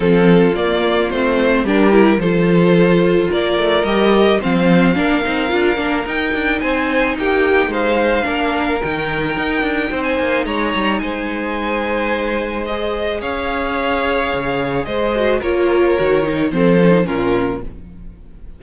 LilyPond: <<
  \new Staff \with { instrumentName = "violin" } { \time 4/4 \tempo 4 = 109 a'4 d''4 c''4 ais'4 | c''2 d''4 dis''4 | f''2. g''4 | gis''4 g''4 f''2 |
g''2~ g''16 gis''8. ais''4 | gis''2. dis''4 | f''2. dis''4 | cis''2 c''4 ais'4 | }
  \new Staff \with { instrumentName = "violin" } { \time 4/4 f'2. g'4 | a'2 ais'2 | c''4 ais'2. | c''4 g'4 c''4 ais'4~ |
ais'2 c''4 cis''4 | c''1 | cis''2. c''4 | ais'2 a'4 f'4 | }
  \new Staff \with { instrumentName = "viola" } { \time 4/4 c'4 ais4 c'4 d'8 e'8 | f'2. g'4 | c'4 d'8 dis'8 f'8 d'8 dis'4~ | dis'2. d'4 |
dis'1~ | dis'2. gis'4~ | gis'2.~ gis'8 fis'8 | f'4 fis'8 dis'8 c'8 cis'16 dis'16 cis'4 | }
  \new Staff \with { instrumentName = "cello" } { \time 4/4 f4 ais4 a4 g4 | f2 ais8 a8 g4 | f4 ais8 c'8 d'8 ais8 dis'8 d'8 | c'4 ais4 gis4 ais4 |
dis4 dis'8 d'8 c'8 ais8 gis8 g8 | gis1 | cis'2 cis4 gis4 | ais4 dis4 f4 ais,4 | }
>>